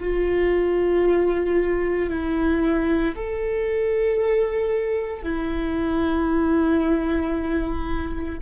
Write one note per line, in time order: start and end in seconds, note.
0.00 2.10 F4
2.10 3.15 E4
3.15 5.23 A4
5.23 8.39 E4